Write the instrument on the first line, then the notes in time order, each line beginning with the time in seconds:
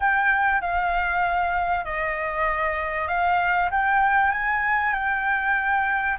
flute
0.00 G5
0.61 F5
1.84 D#5
3.08 F5
3.70 G5
4.31 G#5
4.93 G5